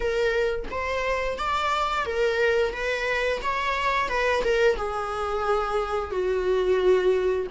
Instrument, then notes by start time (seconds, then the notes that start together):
viola
0.00 A#4
0.71 C5
1.38 D5
2.05 A#4
2.73 B4
3.42 C#5
4.08 B4
4.43 A#4
4.76 G#4
6.10 F#4